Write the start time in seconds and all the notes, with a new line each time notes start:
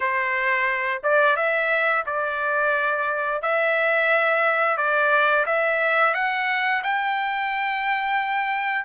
0.00 C5
1.03 D5
1.36 E5
2.05 D5
3.42 E5
4.77 D5
5.45 E5
6.14 F#5
6.83 G5